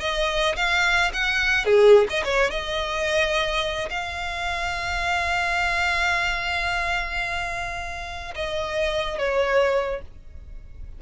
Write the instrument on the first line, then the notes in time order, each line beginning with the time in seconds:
violin
0.00 D#5
0.56 F5
1.13 F#5
1.65 G#4
2.10 D#5
2.25 C#5
2.50 D#5
3.90 F5
8.35 D#5
9.18 C#5